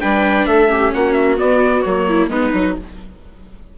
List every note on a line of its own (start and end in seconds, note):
0.00 0.47 G3
0.00 0.68 D4
0.00 0.48 B4
0.00 0.47 G5
0.47 0.93 A3
0.47 0.71 A4
0.47 0.93 E5
0.68 1.37 C#4
0.68 0.94 G4
0.94 1.40 A#3
0.94 2.09 F#4
0.94 1.14 F#5
1.14 1.37 E5
1.37 1.83 B3
1.37 1.86 B3
1.37 1.83 D5
1.83 2.29 F#3
1.83 2.31 A#3
1.83 2.29 C#5
2.09 2.31 E4
2.29 2.52 G#3
2.29 2.54 B3
2.29 2.77 D#4
2.29 2.78 B4
2.54 2.77 F#3
2.54 2.78 D#4